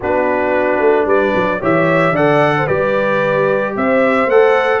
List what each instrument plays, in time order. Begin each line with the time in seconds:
0.00 tuba B3, trombone D4, horn F#4, trumpet B4
0.79 tuba A3
1.05 tuba G3, horn B4, trumpet D5
1.35 tuba F#3
1.60 tuba E3, trombone G4, horn C#5, trumpet E5
2.11 tuba D3, trombone A4, horn D5, trumpet F#5
2.57 horn C5
2.66 tuba G3, trombone G4, horn B4, trumpet D5
3.75 tuba C4, horn C5, trumpet E5
4.26 tuba A3, trombone A4, trumpet F#5